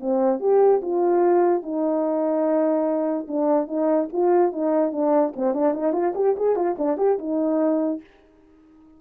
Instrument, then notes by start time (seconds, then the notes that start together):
horn
0.00 C4
0.39 G4
0.81 F4
1.62 D#4
3.27 D4
3.67 D#4
4.12 F4
4.52 D#4
4.92 D4
5.36 C4
5.53 D4
5.73 D#4
5.92 F4
6.15 G4
6.36 G#4
6.55 F4
6.78 D4
6.97 G4
7.18 D#4